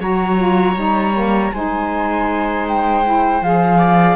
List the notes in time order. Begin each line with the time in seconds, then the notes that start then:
0.00 F#3 F#4 C#5 A#5
0.37 F4
0.76 G3 D#4
1.13 A#3
1.52 G#3 D#4 C5 G#5
2.69 G5
3.04 E4
3.42 F3 G#4 F5
3.78 D5